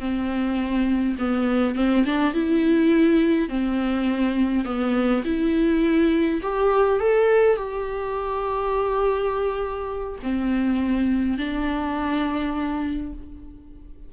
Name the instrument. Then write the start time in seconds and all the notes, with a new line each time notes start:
viola
0.00 C4
1.19 B3
1.76 C4
2.06 D4
2.34 E4
3.49 C4
4.65 B3
5.25 E4
6.42 G4
7.00 A4
7.57 G4
10.23 C4
11.38 D4